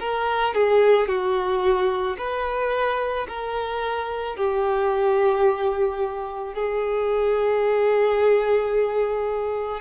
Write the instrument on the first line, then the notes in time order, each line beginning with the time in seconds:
violin
0.00 A#4
0.55 G#4
1.08 F#4
2.18 B4
3.29 A#4
4.37 G4
6.55 G#4